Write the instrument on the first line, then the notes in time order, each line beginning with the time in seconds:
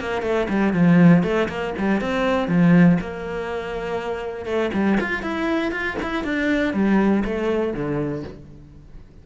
cello
0.00 A#3
0.22 A3
0.49 G3
0.73 F3
1.23 A3
1.49 A#3
1.78 G3
2.01 C4
2.48 F3
3.01 A#3
4.46 A3
4.74 G3
5.00 F4
5.23 E4
5.72 F4
6.02 E4
6.24 D4
6.74 G3
7.25 A3
7.74 D3